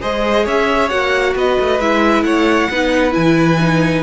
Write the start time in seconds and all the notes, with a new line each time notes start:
0.00 G#3 G#4 C5 D#5
0.44 C#4 C#5 E5
0.89 A#3 F#4 F#5
1.35 B3 B4 D#5
1.59 A3
1.79 G#3 E4 E5
2.23 A3 C#5 F#5
2.70 B3 D#4 B4
3.11 E3 E4 G#5
3.60 D#4